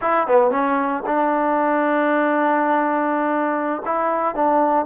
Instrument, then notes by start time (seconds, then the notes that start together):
trombone
0.01 E4
0.27 B3
0.50 C#4
1.06 D4
3.85 E4
4.35 D4